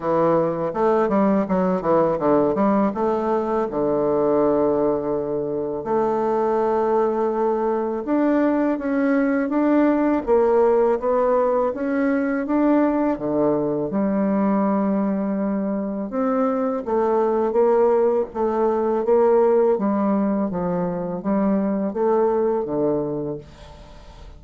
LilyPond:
\new Staff \with { instrumentName = "bassoon" } { \time 4/4 \tempo 4 = 82 e4 a8 g8 fis8 e8 d8 g8 | a4 d2. | a2. d'4 | cis'4 d'4 ais4 b4 |
cis'4 d'4 d4 g4~ | g2 c'4 a4 | ais4 a4 ais4 g4 | f4 g4 a4 d4 | }